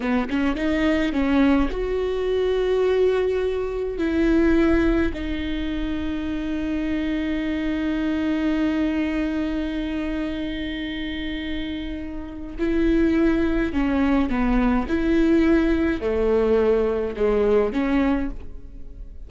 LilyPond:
\new Staff \with { instrumentName = "viola" } { \time 4/4 \tempo 4 = 105 b8 cis'8 dis'4 cis'4 fis'4~ | fis'2. e'4~ | e'4 dis'2.~ | dis'1~ |
dis'1~ | dis'2 e'2 | cis'4 b4 e'2 | a2 gis4 cis'4 | }